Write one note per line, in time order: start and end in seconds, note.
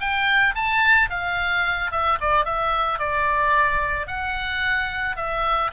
0.00 0.55 G5
0.55 1.09 A5
1.10 1.91 F5
1.91 2.19 E5
2.21 2.45 D5
2.45 2.99 E5
2.99 4.07 D5
4.07 5.16 F#5
5.16 5.71 E5